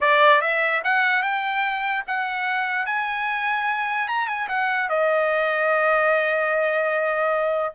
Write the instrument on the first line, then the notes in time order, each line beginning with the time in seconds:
trumpet
0.00 D5
0.41 E5
0.84 F#5
1.22 G5
2.07 F#5
2.86 G#5
4.08 A#5
4.27 G#5
4.48 F#5
4.89 D#5